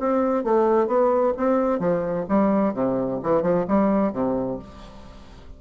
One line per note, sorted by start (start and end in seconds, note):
0.00 0.44 C4
0.44 0.87 A3
0.87 1.33 B3
1.37 1.80 C4
1.80 2.26 F3
2.29 2.74 G3
2.74 3.20 C3
3.23 3.42 E3
3.42 3.65 F3
3.68 4.13 G3
4.13 4.59 C3